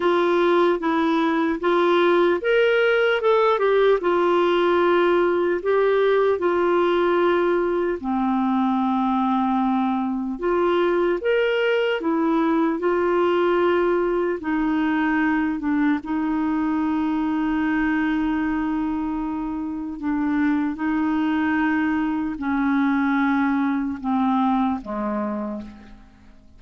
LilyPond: \new Staff \with { instrumentName = "clarinet" } { \time 4/4 \tempo 4 = 75 f'4 e'4 f'4 ais'4 | a'8 g'8 f'2 g'4 | f'2 c'2~ | c'4 f'4 ais'4 e'4 |
f'2 dis'4. d'8 | dis'1~ | dis'4 d'4 dis'2 | cis'2 c'4 gis4 | }